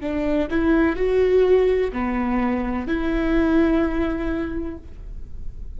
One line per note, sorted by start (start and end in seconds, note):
0.00 0.48 D4
0.50 0.96 E4
0.96 1.91 F#4
1.92 2.87 B3
2.87 4.77 E4